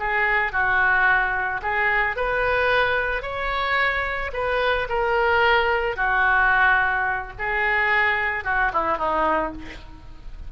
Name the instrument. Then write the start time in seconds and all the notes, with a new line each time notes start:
oboe
0.00 G#4
0.53 F#4
1.63 G#4
2.17 B4
3.23 C#5
4.34 B4
4.89 A#4
5.97 F#4
7.39 G#4
8.45 F#4
8.73 E4
8.98 D#4